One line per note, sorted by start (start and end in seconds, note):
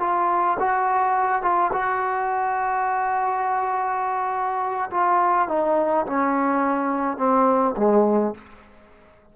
0.00 0.58 F4
0.60 1.42 F#4
1.42 1.71 F4
1.73 4.90 F#4
4.91 5.48 F4
5.48 6.06 D#4
6.06 7.17 C#4
7.17 7.75 C4
7.77 8.35 G#3